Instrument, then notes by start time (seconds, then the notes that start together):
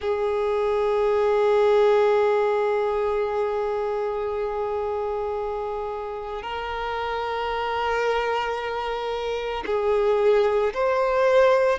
violin
0.00 G#4
6.42 A#4
9.66 G#4
10.73 C5